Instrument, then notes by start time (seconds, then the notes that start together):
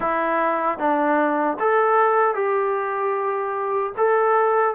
trombone
0.00 E4
0.78 D4
1.59 A4
2.35 G4
3.97 A4